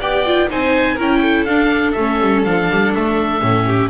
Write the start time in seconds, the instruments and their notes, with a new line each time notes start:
0.00 double bass B3, viola G4, violin D5, oboe G5
0.26 viola F4
0.49 double bass C4, viola D#4, violin C5, oboe G#5
0.95 double bass C#4, viola E4, violin A#4
1.01 oboe G5
1.21 violin A4
1.45 double bass D4, viola D4, oboe F5
1.92 double bass A3, viola C#4, oboe E5
2.20 double bass G3
2.44 double bass F3, viola D4, oboe F5
2.70 double bass G3
2.94 double bass A3, oboe E5
3.41 double bass A2, viola C#4
3.66 violin G4